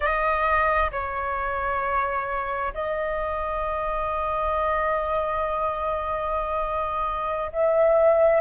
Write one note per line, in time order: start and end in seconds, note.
0.00 0.90 D#5
0.91 2.73 C#5
2.74 7.51 D#5
7.52 8.40 E5